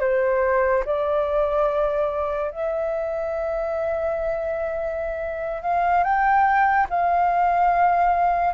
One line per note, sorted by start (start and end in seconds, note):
0.00 0.83 C5
0.85 2.52 D5
2.52 5.62 E5
5.62 6.03 F5
6.03 6.87 G5
6.90 8.54 F5